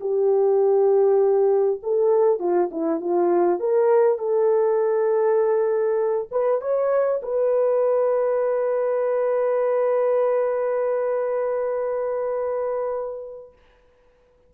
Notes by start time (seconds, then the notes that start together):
0.00 G4
1.82 A4
2.39 F4
2.71 E4
3.00 F4
3.59 A#4
4.18 A4
6.31 B4
6.61 C#5
7.22 B4